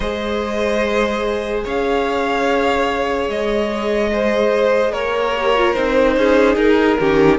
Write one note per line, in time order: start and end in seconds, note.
0.00 1.64 G#3
0.00 5.36 G#4
0.00 1.64 C5
0.00 1.60 D#5
1.64 3.28 C#4
1.64 4.10 C#5
1.64 3.30 F5
3.28 4.92 G#3
3.28 4.93 D#5
4.12 4.92 C5
4.92 5.74 A#3
4.92 6.15 A#4
4.92 5.73 C#5
5.36 5.55 G4
5.55 5.75 F4
5.73 6.16 C4
5.73 6.98 D#4
5.73 6.55 C5
6.16 6.55 C#4
6.16 6.99 G#4
6.55 6.97 D#4
6.55 7.38 A#4
6.99 7.39 D#3
6.99 7.39 C#4
6.99 7.39 G4